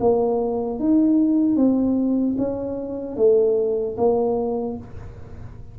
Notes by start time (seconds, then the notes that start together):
0.00 A#3
0.79 D#4
1.56 C4
2.38 C#4
3.17 A3
3.97 A#3